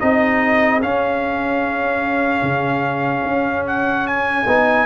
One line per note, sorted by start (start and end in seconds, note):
0.00 0.83 C4
0.00 0.81 D#4
0.00 4.86 G#4
0.00 0.81 D#5
0.82 4.47 C#4
0.82 2.42 C#4
0.82 3.66 F5
2.42 3.23 C#3
3.24 4.45 C#4
3.68 4.07 F#5
4.07 4.86 G#5
4.47 4.86 B3
4.47 4.86 D#4